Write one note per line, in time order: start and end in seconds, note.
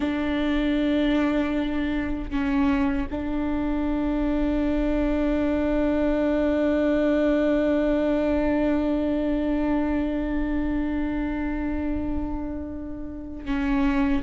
0.00 2.30 D4
2.30 3.07 C#4
3.10 13.45 D4
13.45 14.22 C#4